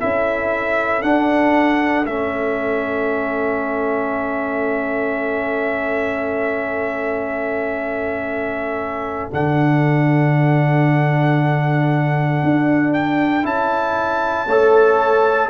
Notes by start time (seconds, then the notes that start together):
0.00 C#4 E4 A4 E5
1.02 D4 F#5
2.06 A3 C#4 E5
9.31 D3 D4 F#5
12.43 D4
12.93 G5
13.43 C#4 E4 A5
14.46 A3 A4 C#5